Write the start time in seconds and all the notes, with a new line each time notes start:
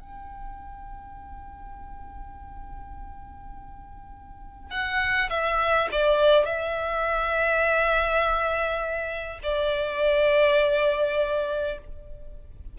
0.00 G5
4.71 F#5
5.30 E5
5.92 D5
6.45 E5
9.43 D5